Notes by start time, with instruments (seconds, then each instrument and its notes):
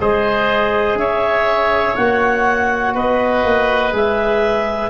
0.00 tuba G#3, trombone G#4, oboe C5, clarinet D#5
0.95 tuba C#4, oboe C#5, clarinet E5
1.96 tuba A#3, trombone F#4, clarinet F#5
2.94 tuba B3, oboe B4, clarinet D#5
3.44 tuba A#3
3.92 tuba G#3, trombone G#4, clarinet E5